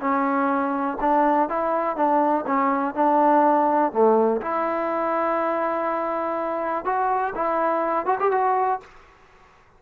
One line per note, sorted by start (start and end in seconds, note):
0.00 0.98 C#4
1.00 1.49 D4
1.49 1.96 E4
1.96 2.45 D4
2.46 2.94 C#4
2.94 3.92 D4
3.92 4.41 A3
4.41 6.85 E4
6.85 7.33 F#4
7.35 8.06 E4
8.06 8.18 F#4
8.20 8.31 G4
8.31 8.80 F#4